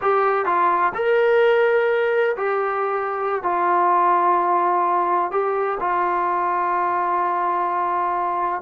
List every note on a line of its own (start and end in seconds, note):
0.01 0.45 G4
0.45 0.92 F4
0.94 2.36 A#4
2.36 3.43 G4
3.43 5.31 F4
5.31 5.78 G4
5.80 8.61 F4